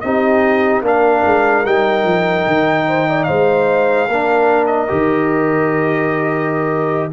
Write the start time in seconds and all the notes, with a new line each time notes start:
0.00 C4 D#4 G4 D#5
0.81 A#3 D4 A#4 F5
1.25 G#3
1.65 G3 D#4 G5
2.04 F3
2.47 D#3
2.87 C5
3.09 D5
3.23 G#3 C5 F5
4.07 A#3 D4 A#4
4.66 D#5
4.88 D#3 G4